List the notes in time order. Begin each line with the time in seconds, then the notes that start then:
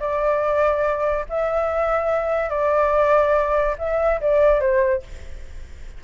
0.00 D5
1.30 E5
2.50 D5
3.79 E5
4.21 D5
4.61 C5